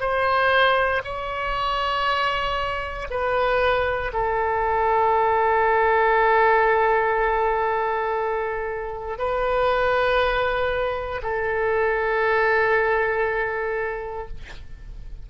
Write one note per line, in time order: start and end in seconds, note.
0.00 1.02 C5
1.04 3.07 C#5
3.10 4.11 B4
4.13 9.18 A4
9.18 11.21 B4
11.22 14.27 A4